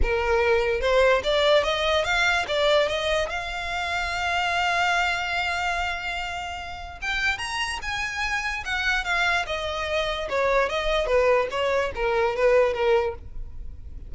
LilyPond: \new Staff \with { instrumentName = "violin" } { \time 4/4 \tempo 4 = 146 ais'2 c''4 d''4 | dis''4 f''4 d''4 dis''4 | f''1~ | f''1~ |
f''4 g''4 ais''4 gis''4~ | gis''4 fis''4 f''4 dis''4~ | dis''4 cis''4 dis''4 b'4 | cis''4 ais'4 b'4 ais'4 | }